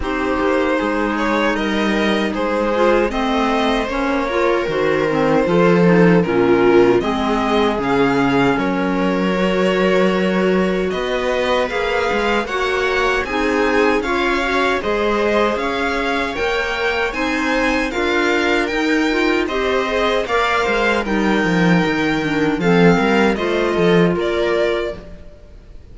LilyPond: <<
  \new Staff \with { instrumentName = "violin" } { \time 4/4 \tempo 4 = 77 c''4. cis''8 dis''4 c''4 | dis''4 cis''4 c''2 | ais'4 dis''4 f''4 cis''4~ | cis''2 dis''4 f''4 |
fis''4 gis''4 f''4 dis''4 | f''4 g''4 gis''4 f''4 | g''4 dis''4 f''4 g''4~ | g''4 f''4 dis''4 d''4 | }
  \new Staff \with { instrumentName = "viola" } { \time 4/4 g'4 gis'4 ais'4 gis'4 | c''4. ais'4. a'4 | f'4 gis'2 ais'4~ | ais'2 b'2 |
cis''4 gis'4 cis''4 c''4 | cis''2 c''4 ais'4~ | ais'4 c''4 d''8 c''8 ais'4~ | ais'4 a'8 ais'8 c''8 a'8 ais'4 | }
  \new Staff \with { instrumentName = "clarinet" } { \time 4/4 dis'2.~ dis'8 f'8 | c'4 cis'8 f'8 fis'8 c'8 f'8 dis'8 | cis'4 c'4 cis'2 | fis'2. gis'4 |
fis'4 dis'4 f'8 fis'8 gis'4~ | gis'4 ais'4 dis'4 f'4 | dis'8 f'8 g'8 gis'8 ais'4 dis'4~ | dis'8 d'8 c'4 f'2 | }
  \new Staff \with { instrumentName = "cello" } { \time 4/4 c'8 ais8 gis4 g4 gis4 | a4 ais4 dis4 f4 | ais,4 gis4 cis4 fis4~ | fis2 b4 ais8 gis8 |
ais4 c'4 cis'4 gis4 | cis'4 ais4 c'4 d'4 | dis'4 c'4 ais8 gis8 g8 f8 | dis4 f8 g8 a8 f8 ais4 | }
>>